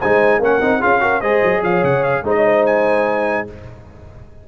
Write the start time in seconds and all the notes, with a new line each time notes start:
0.00 G#3 D#4 C5 G#5
0.39 A#3 C#4 A#4 F#5
0.61 C4 D#4
0.81 C#4 F4 G#4 F5
1.00 F#4 A#4
1.21 G#3 G#4 C5 D#5
1.44 F#3
1.63 F3 C#5 F5
1.83 C#3 F#5
2.04 F5
2.23 G#3 D#4 C5
2.30 D#5
2.36 C#5
2.46 C5
2.66 G#5